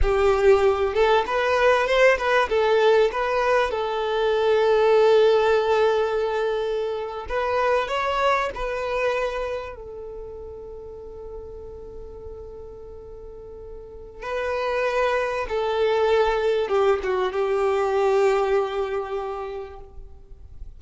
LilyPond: \new Staff \with { instrumentName = "violin" } { \time 4/4 \tempo 4 = 97 g'4. a'8 b'4 c''8 b'8 | a'4 b'4 a'2~ | a'2.~ a'8. b'16~ | b'8. cis''4 b'2 a'16~ |
a'1~ | a'2. b'4~ | b'4 a'2 g'8 fis'8 | g'1 | }